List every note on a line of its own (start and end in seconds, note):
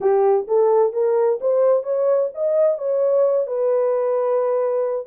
0.00 0.46 G4
0.47 0.93 A4
0.93 1.39 A#4
1.41 1.83 C5
1.83 2.29 C#5
2.34 2.78 D#5
2.78 3.46 C#5
3.46 5.06 B4